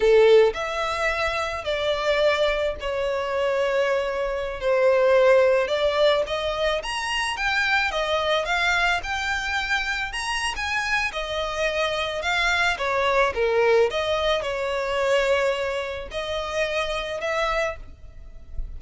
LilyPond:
\new Staff \with { instrumentName = "violin" } { \time 4/4 \tempo 4 = 108 a'4 e''2 d''4~ | d''4 cis''2.~ | cis''16 c''2 d''4 dis''8.~ | dis''16 ais''4 g''4 dis''4 f''8.~ |
f''16 g''2 ais''8. gis''4 | dis''2 f''4 cis''4 | ais'4 dis''4 cis''2~ | cis''4 dis''2 e''4 | }